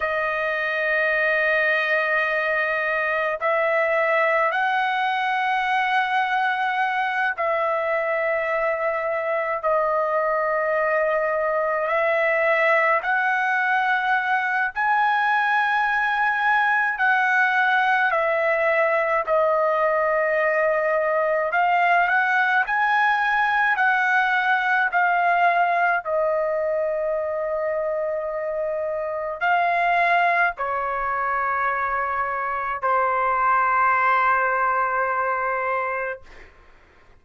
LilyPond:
\new Staff \with { instrumentName = "trumpet" } { \time 4/4 \tempo 4 = 53 dis''2. e''4 | fis''2~ fis''8 e''4.~ | e''8 dis''2 e''4 fis''8~ | fis''4 gis''2 fis''4 |
e''4 dis''2 f''8 fis''8 | gis''4 fis''4 f''4 dis''4~ | dis''2 f''4 cis''4~ | cis''4 c''2. | }